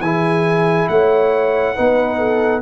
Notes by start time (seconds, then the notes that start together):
0.00 E3 E4 G#4 G#5
0.88 A3 C#5 F#5
1.75 B3 D#4 B4
2.17 A4